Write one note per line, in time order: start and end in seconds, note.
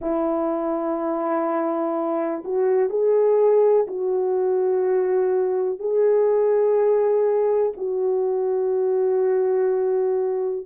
0.01 2.43 E4
2.44 2.89 F#4
2.89 3.86 G#4
3.87 5.78 F#4
5.78 7.72 G#4
7.76 10.66 F#4